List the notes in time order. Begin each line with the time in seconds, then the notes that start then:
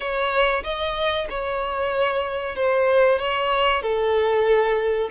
0.00 C#5
0.63 D#5
1.29 C#5
2.55 C5
3.18 C#5
3.82 A4